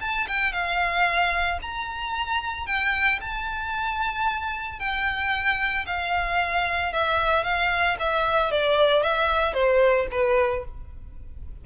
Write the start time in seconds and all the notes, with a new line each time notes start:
0.00 A5
0.27 G5
0.52 F5
1.62 A#5
2.66 G5
3.21 A5
4.79 G5
5.86 F5
6.92 E5
7.43 F5
7.99 E5
8.51 D5
9.02 E5
9.53 C5
10.11 B4